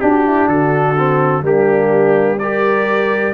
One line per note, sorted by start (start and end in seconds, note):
0.00 0.96 D4
0.00 0.48 D4
0.00 0.27 F#4
0.00 0.47 G4
0.27 0.48 E4
0.47 1.42 D3
0.47 1.43 F#4
0.47 1.43 A4
0.98 1.42 C4
1.42 3.33 G3
1.42 2.38 A#3
1.42 2.40 D4
1.42 2.39 G4
2.39 3.34 G4
2.39 3.34 A#4
2.39 3.34 D5